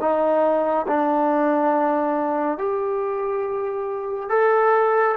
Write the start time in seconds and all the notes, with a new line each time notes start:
0.00 D#4
0.87 D4
2.58 G4
4.29 A4